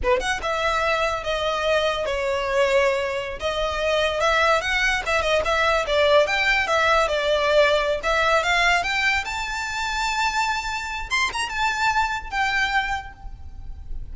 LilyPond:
\new Staff \with { instrumentName = "violin" } { \time 4/4 \tempo 4 = 146 b'8 fis''8 e''2 dis''4~ | dis''4 cis''2.~ | cis''16 dis''2 e''4 fis''8.~ | fis''16 e''8 dis''8 e''4 d''4 g''8.~ |
g''16 e''4 d''2~ d''16 e''8~ | e''8 f''4 g''4 a''4.~ | a''2. c'''8 ais''8 | a''2 g''2 | }